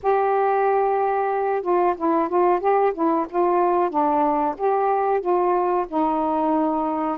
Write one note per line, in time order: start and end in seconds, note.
0.02 1.62 G4
1.62 1.94 F4
1.97 2.29 E4
2.29 2.60 F4
2.60 2.92 G4
2.93 3.26 E4
3.29 3.90 F4
3.90 4.55 D4
4.57 5.20 G4
5.20 5.85 F4
5.88 7.18 D#4